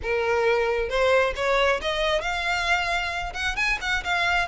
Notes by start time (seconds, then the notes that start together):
0.02 A#4
0.89 C5
1.35 C#5
1.81 D#5
2.21 F5
3.33 F#5
3.56 G#5
3.81 F#5
4.04 F5